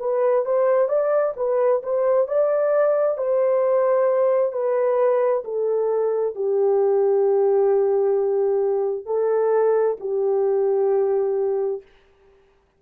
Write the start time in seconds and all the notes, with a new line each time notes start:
0.00 B4
0.45 C5
0.88 D5
1.37 B4
1.83 C5
2.28 D5
3.18 C5
4.52 B4
5.45 A4
6.36 G4
9.06 A4
10.00 G4